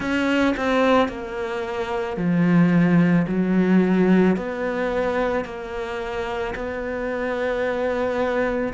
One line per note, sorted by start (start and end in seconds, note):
0.00 0.55 C#4
0.57 1.08 C4
1.08 2.16 A#3
2.16 3.25 F3
3.27 4.36 F#3
4.36 5.44 B3
5.44 6.54 A#3
6.55 8.73 B3